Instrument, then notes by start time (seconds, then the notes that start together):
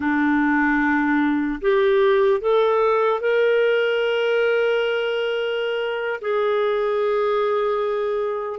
clarinet
0.00 D4
1.61 G4
2.40 A4
3.20 A#4
6.21 G#4